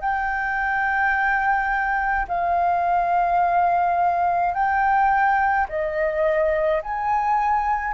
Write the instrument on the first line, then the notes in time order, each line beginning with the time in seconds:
flute
0.00 G5
2.27 F5
4.54 G5
5.69 D#5
6.82 G#5